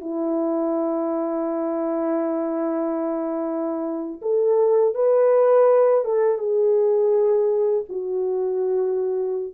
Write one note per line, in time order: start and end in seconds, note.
0.00 4.21 E4
4.21 4.94 A4
4.94 6.04 B4
6.04 6.38 A4
6.38 7.84 G#4
7.89 9.53 F#4